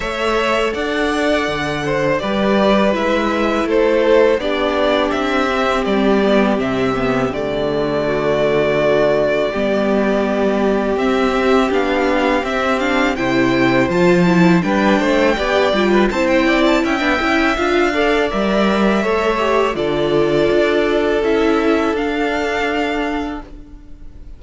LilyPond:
<<
  \new Staff \with { instrumentName = "violin" } { \time 4/4 \tempo 4 = 82 e''4 fis''2 d''4 | e''4 c''4 d''4 e''4 | d''4 e''4 d''2~ | d''2. e''4 |
f''4 e''8 f''8 g''4 a''4 | g''2 a''16 g''8 a''16 g''4 | f''4 e''2 d''4~ | d''4 e''4 f''2 | }
  \new Staff \with { instrumentName = "violin" } { \time 4/4 cis''4 d''4. c''8 b'4~ | b'4 a'4 g'2~ | g'2. fis'4~ | fis'4 g'2.~ |
g'2 c''2 | b'8 c''8 d''8. b'16 c''8 d''8 e''4~ | e''8 d''4. cis''4 a'4~ | a'1 | }
  \new Staff \with { instrumentName = "viola" } { \time 4/4 a'2. g'4 | e'2 d'4. c'8~ | c'8 b8 c'8 b8 a2~ | a4 b2 c'4 |
d'4 c'8 d'8 e'4 f'8 e'8 | d'4 g'8 f'8 e'4~ e'16 d'16 e'8 | f'8 a'8 ais'4 a'8 g'8 f'4~ | f'4 e'4 d'2 | }
  \new Staff \with { instrumentName = "cello" } { \time 4/4 a4 d'4 d4 g4 | gis4 a4 b4 c'4 | g4 c4 d2~ | d4 g2 c'4 |
b4 c'4 c4 f4 | g8 a8 b8 g8 c'4 cis'16 b16 cis'8 | d'4 g4 a4 d4 | d'4 cis'4 d'2 | }
>>